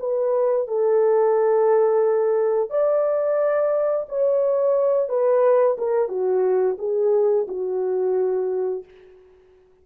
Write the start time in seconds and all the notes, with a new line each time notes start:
0.00 B4
0.68 A4
2.70 D5
4.09 C#5
5.09 B4
5.78 A#4
6.09 F#4
6.79 G#4
7.48 F#4